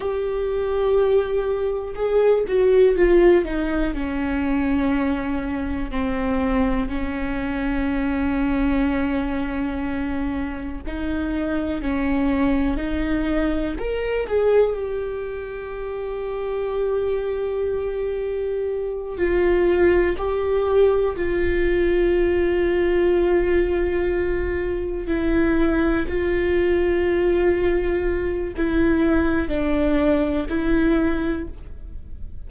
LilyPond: \new Staff \with { instrumentName = "viola" } { \time 4/4 \tempo 4 = 61 g'2 gis'8 fis'8 f'8 dis'8 | cis'2 c'4 cis'4~ | cis'2. dis'4 | cis'4 dis'4 ais'8 gis'8 g'4~ |
g'2.~ g'8 f'8~ | f'8 g'4 f'2~ f'8~ | f'4. e'4 f'4.~ | f'4 e'4 d'4 e'4 | }